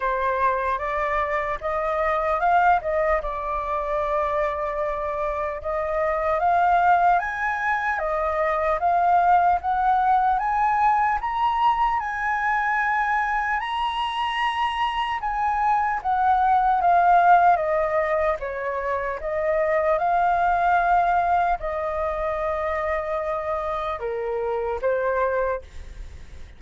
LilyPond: \new Staff \with { instrumentName = "flute" } { \time 4/4 \tempo 4 = 75 c''4 d''4 dis''4 f''8 dis''8 | d''2. dis''4 | f''4 gis''4 dis''4 f''4 | fis''4 gis''4 ais''4 gis''4~ |
gis''4 ais''2 gis''4 | fis''4 f''4 dis''4 cis''4 | dis''4 f''2 dis''4~ | dis''2 ais'4 c''4 | }